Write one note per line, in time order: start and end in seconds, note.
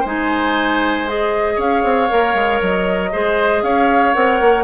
0.00 1.57 G#3
0.00 1.07 D#4
0.00 1.54 C5
0.06 1.08 G#5
1.07 2.09 G#4
1.07 1.59 D#5
1.56 1.83 C#4
1.56 3.10 C#5
1.56 2.62 F5
1.83 2.09 C4
2.09 2.34 A#3
2.09 3.12 A#4
2.34 2.60 G#3
2.61 3.12 F#3
2.61 3.63 D#5
3.12 3.62 G#3
3.12 4.14 G#4
3.12 3.63 C5
3.62 4.14 C#4
3.62 4.64 C#5
3.62 4.14 F5
4.14 4.41 C4
4.14 4.64 A#4
4.14 4.64 F#5
4.41 4.64 A#3